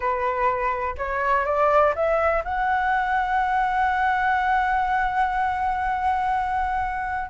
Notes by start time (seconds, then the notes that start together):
0.00 B4
0.97 C#5
1.45 D5
1.95 E5
2.44 F#5